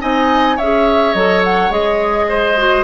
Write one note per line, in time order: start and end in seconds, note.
0.00 0.59 C4
0.00 0.57 D#4
0.00 0.56 D#5
0.00 0.58 G#5
0.56 1.14 C#4
0.56 2.26 C#5
0.56 1.14 E5
0.62 1.15 G#4
1.14 1.70 F#3
1.14 1.70 A4
1.14 1.42 D#5
1.44 1.72 F#5
1.70 2.83 G#3
1.70 2.55 G#4
1.70 2.84 D#5
2.29 2.84 C5
2.57 2.84 F#4